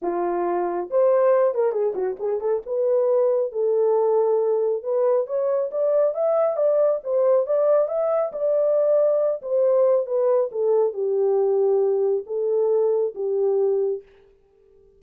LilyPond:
\new Staff \with { instrumentName = "horn" } { \time 4/4 \tempo 4 = 137 f'2 c''4. ais'8 | gis'8 fis'8 gis'8 a'8 b'2 | a'2. b'4 | cis''4 d''4 e''4 d''4 |
c''4 d''4 e''4 d''4~ | d''4. c''4. b'4 | a'4 g'2. | a'2 g'2 | }